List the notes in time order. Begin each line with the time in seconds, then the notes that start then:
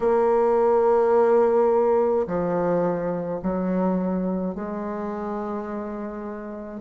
0.00 A#3
2.27 F3
3.42 F#3
4.54 G#3